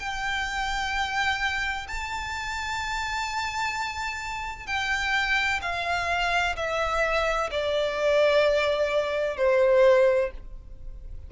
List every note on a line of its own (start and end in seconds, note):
0.00 1.87 G5
1.88 4.67 A5
4.67 5.60 G5
5.62 6.56 F5
6.57 7.50 E5
7.51 9.37 D5
9.37 10.31 C5